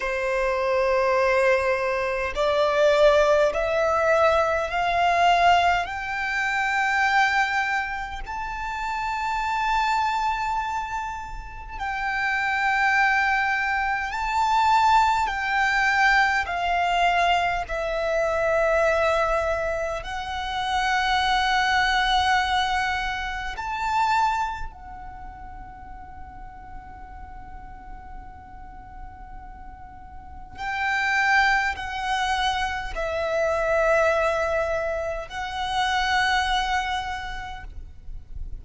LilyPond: \new Staff \with { instrumentName = "violin" } { \time 4/4 \tempo 4 = 51 c''2 d''4 e''4 | f''4 g''2 a''4~ | a''2 g''2 | a''4 g''4 f''4 e''4~ |
e''4 fis''2. | a''4 fis''2.~ | fis''2 g''4 fis''4 | e''2 fis''2 | }